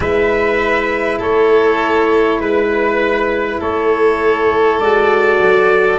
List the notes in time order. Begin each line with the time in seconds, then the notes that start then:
0.00 G#3 E4 B4 E5
1.18 A3 A4 C#5
2.39 G#3 B4
3.60 A3 A4 C#5
4.79 G#3 F#4 D5
5.39 F#3